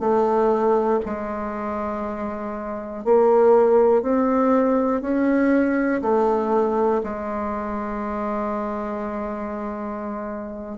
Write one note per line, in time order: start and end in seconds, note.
0.00 1.00 A3
1.05 3.05 G#3
3.05 4.02 A#3
4.02 5.01 C4
5.01 6.01 C#4
6.02 7.02 A3
7.03 10.78 G#3